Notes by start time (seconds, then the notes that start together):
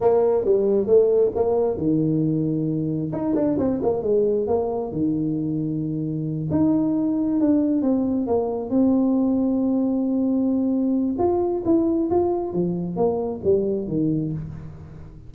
0.00 A#3
0.44 G3
0.86 A3
1.35 A#3
1.77 D#3
3.12 D#4
3.35 D4
3.58 C4
3.82 A#3
4.02 G#3
4.47 A#3
4.92 D#3
6.50 D#4
7.40 D4
7.82 C4
8.26 A#3
8.69 C4
11.18 F4
11.65 E4
12.10 F4
12.53 F3
12.96 A#3
13.43 G3
13.87 D#3